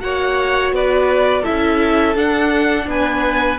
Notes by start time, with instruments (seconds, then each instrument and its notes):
0.00 cello A#3, viola F#4, violin C#5 F#5
0.72 cello B3, violin B4 D5
1.42 viola E4, violin A4 E5
1.49 cello C#4
2.16 cello D4, viola D4, violin F#5
2.87 cello B3, violin B4 G#5